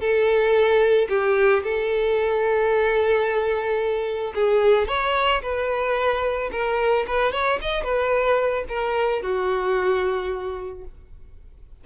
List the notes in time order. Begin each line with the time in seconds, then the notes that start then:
0.00 A4
1.09 G4
1.63 A4
4.35 G#4
4.88 C#5
5.42 B4
6.52 A#4
7.07 B4
7.32 C#5
7.61 D#5
7.83 B4
8.68 A#4
9.22 F#4